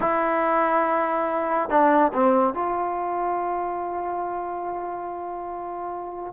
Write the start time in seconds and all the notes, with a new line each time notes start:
0.00 E4
1.69 D4
2.13 C4
2.54 F4